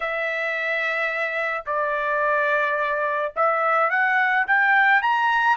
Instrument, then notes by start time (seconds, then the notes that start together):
trumpet
0.00 E5
1.66 D5
3.36 E5
3.90 F#5
4.47 G5
5.02 A#5